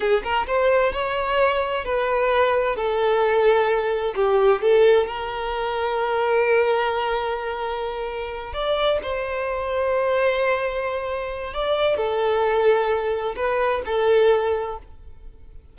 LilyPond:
\new Staff \with { instrumentName = "violin" } { \time 4/4 \tempo 4 = 130 gis'8 ais'8 c''4 cis''2 | b'2 a'2~ | a'4 g'4 a'4 ais'4~ | ais'1~ |
ais'2~ ais'8 d''4 c''8~ | c''1~ | c''4 d''4 a'2~ | a'4 b'4 a'2 | }